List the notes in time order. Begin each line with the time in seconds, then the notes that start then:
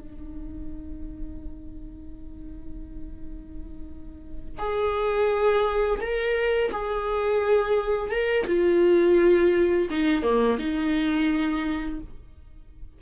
0.00 D#4
4.59 G#4
6.01 A#4
6.72 G#4
8.11 A#4
8.47 F4
9.90 D#4
10.23 A#3
10.59 D#4